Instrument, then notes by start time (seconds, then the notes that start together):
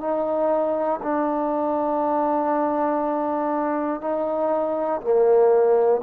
trombone
0.00 D#4
1.02 D4
4.00 D#4
5.01 A#3